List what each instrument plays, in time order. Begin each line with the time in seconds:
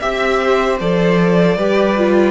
0.00 cello C4, viola G4, violin E5
0.42 violin C5
0.80 cello F3, viola A4, violin D5
1.57 cello G3, viola G4, violin B4
1.97 viola F4